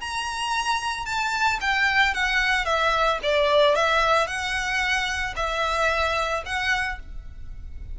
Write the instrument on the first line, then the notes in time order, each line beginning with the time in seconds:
violin
0.00 A#5
1.05 A5
1.61 G5
2.14 F#5
2.65 E5
3.23 D5
3.75 E5
4.27 F#5
5.36 E5
6.46 F#5